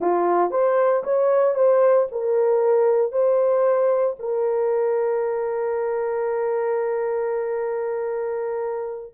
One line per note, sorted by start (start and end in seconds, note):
0.00 0.51 F4
0.51 1.03 C5
1.03 1.55 C#5
1.55 2.07 C5
2.11 3.11 A#4
3.11 4.16 C5
4.19 9.14 A#4